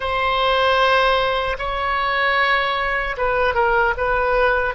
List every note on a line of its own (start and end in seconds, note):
0.00 1.56 C5
1.58 3.16 C#5
3.17 3.54 B4
3.54 3.93 A#4
3.97 4.74 B4